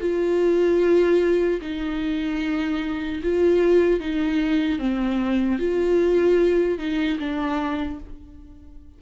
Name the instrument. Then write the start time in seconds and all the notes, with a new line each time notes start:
viola
0.00 F4
1.61 D#4
3.23 F4
4.00 D#4
4.78 C4
5.59 F4
6.78 D#4
7.19 D4